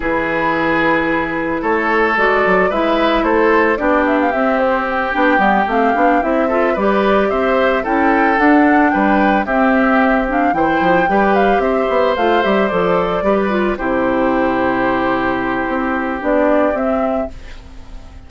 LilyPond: <<
  \new Staff \with { instrumentName = "flute" } { \time 4/4 \tempo 4 = 111 b'2. cis''4 | d''4 e''4 c''4 d''8 e''16 f''16 | e''8 c''8 g''4. f''4 e''8~ | e''8 d''4 e''4 g''4 fis''8~ |
fis''8 g''4 e''4. f''8 g''8~ | g''4 f''8 e''4 f''8 e''8 d''8~ | d''4. c''2~ c''8~ | c''2 d''4 e''4 | }
  \new Staff \with { instrumentName = "oboe" } { \time 4/4 gis'2. a'4~ | a'4 b'4 a'4 g'4~ | g'1 | a'8 b'4 c''4 a'4.~ |
a'8 b'4 g'2 c''8~ | c''8 b'4 c''2~ c''8~ | c''8 b'4 g'2~ g'8~ | g'1 | }
  \new Staff \with { instrumentName = "clarinet" } { \time 4/4 e'1 | fis'4 e'2 d'4 | c'4. d'8 b8 c'8 d'8 e'8 | f'8 g'2 e'4 d'8~ |
d'4. c'4. d'8 e'8~ | e'8 g'2 f'8 g'8 a'8~ | a'8 g'8 f'8 e'2~ e'8~ | e'2 d'4 c'4 | }
  \new Staff \with { instrumentName = "bassoon" } { \time 4/4 e2. a4 | gis8 fis8 gis4 a4 b4 | c'4. b8 g8 a8 b8 c'8~ | c'8 g4 c'4 cis'4 d'8~ |
d'8 g4 c'2 e8 | f8 g4 c'8 b8 a8 g8 f8~ | f8 g4 c2~ c8~ | c4 c'4 b4 c'4 | }
>>